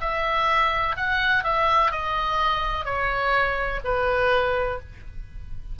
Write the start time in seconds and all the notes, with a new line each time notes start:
0.00 E5
0.96 F#5
1.43 E5
1.91 D#5
2.84 C#5
3.84 B4